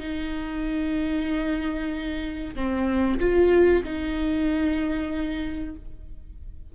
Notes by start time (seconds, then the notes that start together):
0.00 D#4
2.55 C4
3.20 F4
3.84 D#4